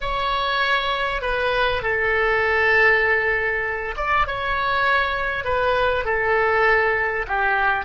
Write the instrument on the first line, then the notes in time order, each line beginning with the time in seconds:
oboe
0.01 C#5
1.21 B4
1.82 A4
3.96 D5
4.26 C#5
5.44 B4
6.04 A4
7.27 G4